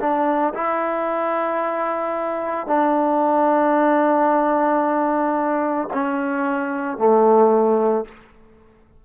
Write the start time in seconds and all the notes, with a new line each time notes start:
0.00 D4
0.54 E4
2.67 D4
5.94 C#4
6.98 A3